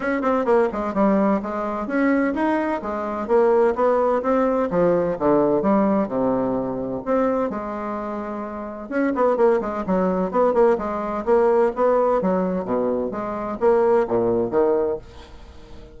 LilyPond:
\new Staff \with { instrumentName = "bassoon" } { \time 4/4 \tempo 4 = 128 cis'8 c'8 ais8 gis8 g4 gis4 | cis'4 dis'4 gis4 ais4 | b4 c'4 f4 d4 | g4 c2 c'4 |
gis2. cis'8 b8 | ais8 gis8 fis4 b8 ais8 gis4 | ais4 b4 fis4 b,4 | gis4 ais4 ais,4 dis4 | }